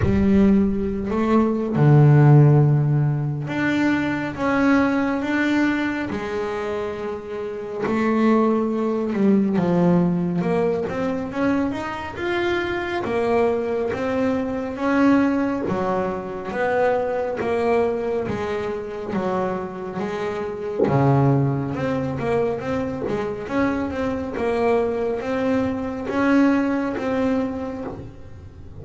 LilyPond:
\new Staff \with { instrumentName = "double bass" } { \time 4/4 \tempo 4 = 69 g4~ g16 a8. d2 | d'4 cis'4 d'4 gis4~ | gis4 a4. g8 f4 | ais8 c'8 cis'8 dis'8 f'4 ais4 |
c'4 cis'4 fis4 b4 | ais4 gis4 fis4 gis4 | cis4 c'8 ais8 c'8 gis8 cis'8 c'8 | ais4 c'4 cis'4 c'4 | }